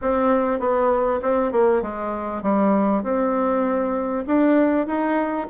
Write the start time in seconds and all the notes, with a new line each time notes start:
0.01 C4
0.59 B3
1.22 C4
1.52 A#3
1.82 G#3
2.42 G3
3.03 C4
4.26 D4
4.86 D#4